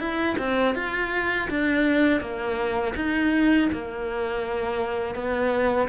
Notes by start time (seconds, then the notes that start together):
0.00 E4
0.39 C4
0.75 F4
1.50 D4
2.21 A#3
2.96 D#4
3.73 A#3
5.16 B3